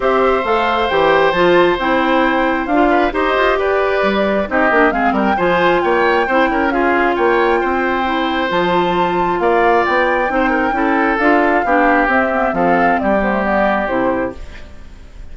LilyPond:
<<
  \new Staff \with { instrumentName = "flute" } { \time 4/4 \tempo 4 = 134 e''4 f''4 g''4 a''4 | g''2 f''4 dis''4 | d''2 dis''4 f''8 g''8 | gis''4 g''2 f''4 |
g''2. a''4~ | a''4 f''4 g''2~ | g''4 f''2 e''4 | f''4 d''8 c''8 d''4 c''4 | }
  \new Staff \with { instrumentName = "oboe" } { \time 4/4 c''1~ | c''2~ c''8 b'8 c''4 | b'2 g'4 gis'8 ais'8 | c''4 cis''4 c''8 ais'8 gis'4 |
cis''4 c''2.~ | c''4 d''2 c''8 ais'8 | a'2 g'2 | a'4 g'2. | }
  \new Staff \with { instrumentName = "clarinet" } { \time 4/4 g'4 a'4 g'4 f'4 | e'2 f'4 g'4~ | g'2 dis'8 d'8 c'4 | f'2 e'4 f'4~ |
f'2 e'4 f'4~ | f'2. dis'4 | e'4 f'4 d'4 c'8 b8 | c'4. b16 a16 b4 e'4 | }
  \new Staff \with { instrumentName = "bassoon" } { \time 4/4 c'4 a4 e4 f4 | c'2 d'4 dis'8 f'8 | g'4 g4 c'8 ais8 gis8 g8 | f4 ais4 c'8 cis'4. |
ais4 c'2 f4~ | f4 ais4 b4 c'4 | cis'4 d'4 b4 c'4 | f4 g2 c4 | }
>>